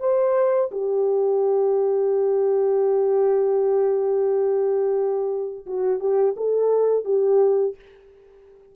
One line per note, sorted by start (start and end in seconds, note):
0.00 0.71 C5
0.72 5.66 G4
5.66 6.00 F#4
6.00 6.35 G4
6.37 7.05 A4
7.05 7.76 G4